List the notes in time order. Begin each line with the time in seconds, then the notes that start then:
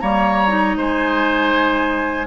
0.00 G3 A#3 C#5 A#5
0.48 D#4
0.77 G#3 C5 G#5